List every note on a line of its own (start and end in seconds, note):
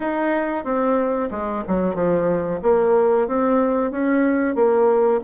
0.00 0.64 D#4
0.64 1.29 C4
1.30 1.63 G#3
1.67 1.94 F#3
1.94 2.59 F3
2.62 3.27 A#3
3.27 3.91 C4
3.91 4.55 C#4
4.55 5.20 A#3